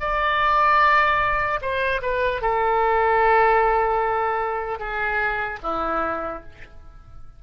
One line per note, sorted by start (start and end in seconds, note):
0.00 1.60 D5
1.61 2.01 C5
2.02 2.41 B4
2.41 4.79 A4
4.79 5.59 G#4
5.63 6.43 E4